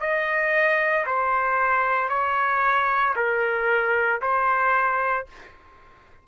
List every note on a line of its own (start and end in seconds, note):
0.00 1.05 D#5
1.06 2.09 C5
2.09 3.14 C#5
3.16 4.21 A#4
4.21 5.26 C5